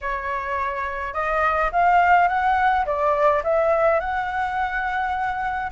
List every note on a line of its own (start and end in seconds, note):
0.01 1.13 C#5
1.13 1.70 D#5
1.71 2.28 F5
2.28 2.85 F#5
2.85 3.42 D5
3.43 3.99 E5
3.99 5.71 F#5